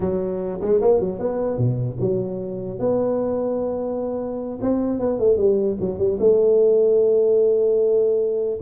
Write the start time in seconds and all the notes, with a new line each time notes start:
0.00 F#3
0.61 G#3
0.81 A#3
0.99 F#3
1.19 B3
1.57 B2
2.00 F#3
2.79 B3
4.61 C4
4.99 B3
5.19 A3
5.37 G3
5.79 F#3
5.98 G3
6.19 A3